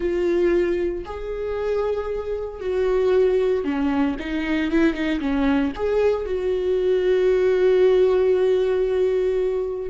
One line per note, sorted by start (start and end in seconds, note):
0.00 1.04 F4
1.05 2.60 G#4
2.60 3.64 F#4
3.64 4.16 C#4
4.19 4.71 D#4
4.71 4.93 E4
4.93 5.19 D#4
5.20 5.72 C#4
5.75 6.25 G#4
6.25 9.90 F#4